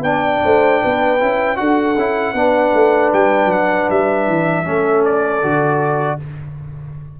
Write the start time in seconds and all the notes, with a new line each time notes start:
0.00 B3 D4 D5 G5
0.44 A3 C5
0.81 B3 B4
1.19 C#4 E4
1.56 D4 F#4 A4 F#5
1.96 C#4 E4
2.34 B3 D4 B4
2.74 A3
3.13 G3 G5
3.46 F#3 F#5
3.90 G3 E5
4.28 E3
4.64 A3 C#4 A4
5.05 D5
5.42 D3 F#4